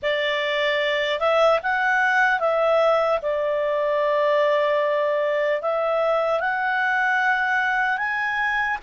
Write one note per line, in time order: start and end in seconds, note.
0.02 1.19 D5
1.19 1.59 E5
1.63 2.39 F#5
2.39 3.19 E5
3.22 5.61 D5
5.61 6.40 E5
6.40 7.97 F#5
7.97 8.77 G#5